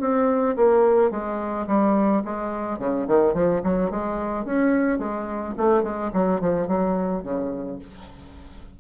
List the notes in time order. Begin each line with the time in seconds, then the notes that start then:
0.00 C4
0.56 A#3
1.10 G#3
1.67 G3
2.24 G#3
2.79 C#3
3.07 D#3
3.34 F3
3.63 F#3
3.90 G#3
4.45 C#4
4.98 G#3
5.57 A3
5.83 G#3
6.13 F#3
6.40 F3
6.67 F#3
7.23 C#3